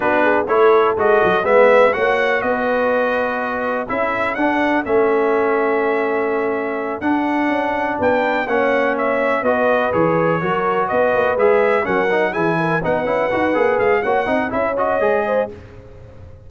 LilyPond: <<
  \new Staff \with { instrumentName = "trumpet" } { \time 4/4 \tempo 4 = 124 b'4 cis''4 dis''4 e''4 | fis''4 dis''2. | e''4 fis''4 e''2~ | e''2~ e''8 fis''4.~ |
fis''8 g''4 fis''4 e''4 dis''8~ | dis''8 cis''2 dis''4 e''8~ | e''8 fis''4 gis''4 fis''4.~ | fis''8 f''8 fis''4 e''8 dis''4. | }
  \new Staff \with { instrumentName = "horn" } { \time 4/4 fis'8 gis'8 a'2 b'4 | cis''4 b'2. | a'1~ | a'1~ |
a'8 b'4 cis''2 b'8~ | b'4. ais'4 b'4.~ | b'8 ais'4 gis'8 ais'8 b'4.~ | b'4 cis''8 dis''8 cis''4. c''8 | }
  \new Staff \with { instrumentName = "trombone" } { \time 4/4 d'4 e'4 fis'4 b4 | fis'1 | e'4 d'4 cis'2~ | cis'2~ cis'8 d'4.~ |
d'4. cis'2 fis'8~ | fis'8 gis'4 fis'2 gis'8~ | gis'8 cis'8 dis'8 e'4 dis'8 e'8 fis'8 | gis'4 fis'8 dis'8 e'8 fis'8 gis'4 | }
  \new Staff \with { instrumentName = "tuba" } { \time 4/4 b4 a4 gis8 fis8 gis4 | ais4 b2. | cis'4 d'4 a2~ | a2~ a8 d'4 cis'8~ |
cis'8 b4 ais2 b8~ | b8 e4 fis4 b8 ais8 gis8~ | gis8 fis4 e4 b8 cis'8 dis'8 | ais8 gis8 ais8 c'8 cis'4 gis4 | }
>>